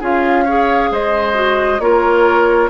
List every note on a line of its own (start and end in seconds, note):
0.00 0.90 C#4
0.00 0.46 F4
0.00 0.44 G#4
0.00 0.93 F5
0.44 1.34 G#4
0.44 0.89 C#5
0.91 1.79 G#3
0.91 1.81 C5
0.91 1.80 D#5
1.34 1.78 F#4
1.79 2.69 A#3
1.79 2.70 F4
1.79 2.70 A#4
1.79 2.70 C#5